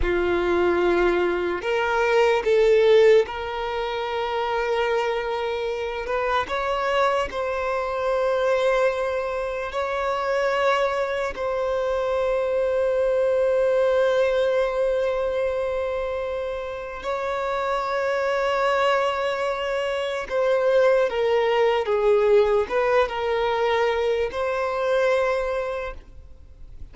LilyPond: \new Staff \with { instrumentName = "violin" } { \time 4/4 \tempo 4 = 74 f'2 ais'4 a'4 | ais'2.~ ais'8 b'8 | cis''4 c''2. | cis''2 c''2~ |
c''1~ | c''4 cis''2.~ | cis''4 c''4 ais'4 gis'4 | b'8 ais'4. c''2 | }